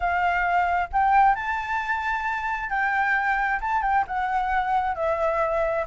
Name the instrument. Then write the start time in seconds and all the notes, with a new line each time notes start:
flute
0.00 F5
0.92 G5
1.35 A5
2.69 G5
3.60 A5
3.82 G5
4.07 F#5
4.95 E5